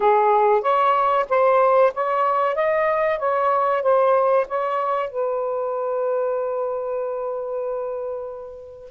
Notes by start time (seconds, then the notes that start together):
0.00 G#4
0.61 C#5
1.29 C5
1.94 C#5
2.55 D#5
3.18 C#5
3.82 C5
4.47 C#5
5.09 B4